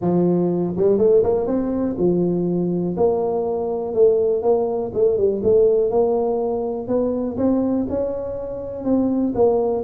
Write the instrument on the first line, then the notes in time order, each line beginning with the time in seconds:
tuba
0.01 F3
0.76 G3
0.97 A3
1.23 A#3
1.46 C4
1.97 F3
2.96 A#3
3.94 A3
4.42 A#3
4.94 A3
5.17 G3
5.43 A3
5.90 A#3
6.87 B3
7.37 C4
7.89 C#4
8.84 C4
9.34 A#3